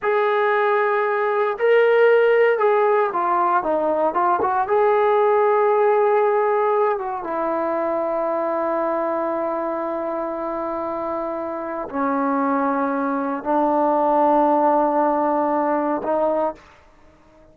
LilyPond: \new Staff \with { instrumentName = "trombone" } { \time 4/4 \tempo 4 = 116 gis'2. ais'4~ | ais'4 gis'4 f'4 dis'4 | f'8 fis'8 gis'2.~ | gis'4. fis'8 e'2~ |
e'1~ | e'2. cis'4~ | cis'2 d'2~ | d'2. dis'4 | }